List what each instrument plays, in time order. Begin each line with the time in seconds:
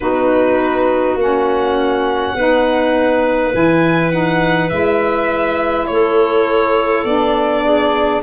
0.00 tuba B3, saxophone D#4, clarinet F#4, violin B4
1.14 tuba A#3, saxophone C#4, violin F#5
2.33 tuba B3, saxophone D#4, clarinet B4
3.52 tuba E3, saxophone E4, violin G#5
4.11 saxophone D#4, violin F#5
4.69 tuba G#3, saxophone E4, violin E5
5.87 tuba A3, clarinet A4, violin C#5
7.04 tuba B3, saxophone D4, violin D5
7.64 clarinet G#4